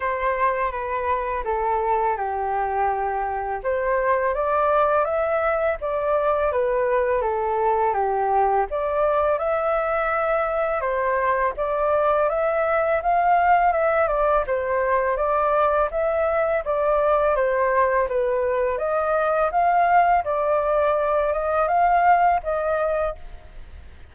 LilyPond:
\new Staff \with { instrumentName = "flute" } { \time 4/4 \tempo 4 = 83 c''4 b'4 a'4 g'4~ | g'4 c''4 d''4 e''4 | d''4 b'4 a'4 g'4 | d''4 e''2 c''4 |
d''4 e''4 f''4 e''8 d''8 | c''4 d''4 e''4 d''4 | c''4 b'4 dis''4 f''4 | d''4. dis''8 f''4 dis''4 | }